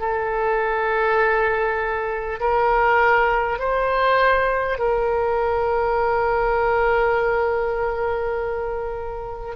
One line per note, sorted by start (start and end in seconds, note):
0.00 2.40 A4
2.41 3.59 A#4
3.59 4.79 C5
4.79 9.56 A#4